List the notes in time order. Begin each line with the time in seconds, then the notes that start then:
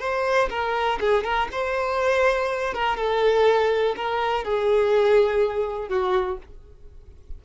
0.00 C5
0.50 A#4
1.00 G#4
1.24 A#4
1.52 C5
2.74 A#4
2.96 A4
3.96 A#4
4.44 G#4
5.89 F#4